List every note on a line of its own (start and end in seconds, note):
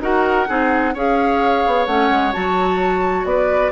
0.00 0.47 D#4
0.00 0.47 F#4
0.00 0.48 A#4
0.00 0.96 F#5
0.47 0.94 C4
0.47 0.94 D#4
0.47 0.94 G#4
0.94 1.64 C#4
0.94 1.87 G#4
0.94 3.26 C#5
0.94 1.86 F5
1.66 1.87 B3
1.86 2.10 A3
1.86 2.33 C#4
1.86 2.32 F#5
2.10 2.33 G#3
2.33 3.24 F#3
2.33 3.71 F#4
2.33 3.25 A5
3.24 3.71 B3
3.24 3.71 B4
3.24 3.71 D5